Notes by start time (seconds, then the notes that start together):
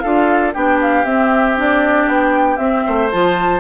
0.00 D4 F4 A4 F5
0.54 B3 D4 G4 G5
0.82 F5
1.05 C4 E5
1.57 D4 D5
2.08 B3 G5
2.57 C4 E5
2.86 A3 C5
3.12 F3 F4 A5